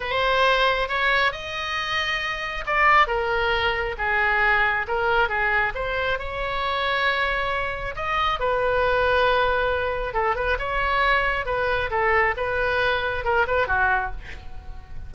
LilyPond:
\new Staff \with { instrumentName = "oboe" } { \time 4/4 \tempo 4 = 136 c''2 cis''4 dis''4~ | dis''2 d''4 ais'4~ | ais'4 gis'2 ais'4 | gis'4 c''4 cis''2~ |
cis''2 dis''4 b'4~ | b'2. a'8 b'8 | cis''2 b'4 a'4 | b'2 ais'8 b'8 fis'4 | }